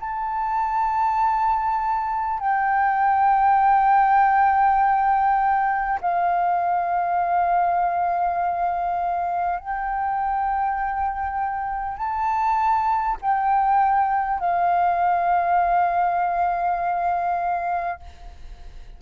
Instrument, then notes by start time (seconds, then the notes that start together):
flute
0.00 A5
2.40 G5
6.01 F5
9.59 G5
11.97 A5
13.22 G5
14.40 F5